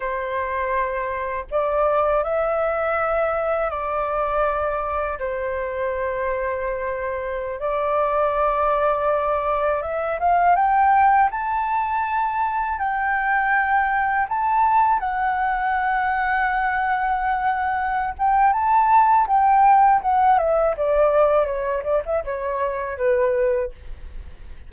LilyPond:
\new Staff \with { instrumentName = "flute" } { \time 4/4 \tempo 4 = 81 c''2 d''4 e''4~ | e''4 d''2 c''4~ | c''2~ c''16 d''4.~ d''16~ | d''4~ d''16 e''8 f''8 g''4 a''8.~ |
a''4~ a''16 g''2 a''8.~ | a''16 fis''2.~ fis''8.~ | fis''8 g''8 a''4 g''4 fis''8 e''8 | d''4 cis''8 d''16 e''16 cis''4 b'4 | }